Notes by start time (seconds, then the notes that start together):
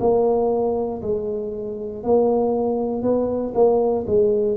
0.00 A#3
1.02 G#3
2.04 A#3
3.02 B3
3.55 A#3
4.07 G#3